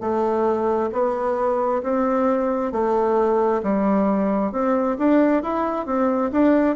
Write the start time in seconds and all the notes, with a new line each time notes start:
0.00 A3
0.92 B3
1.83 C4
2.72 A3
3.63 G3
4.51 C4
4.98 D4
5.42 E4
5.86 C4
6.31 D4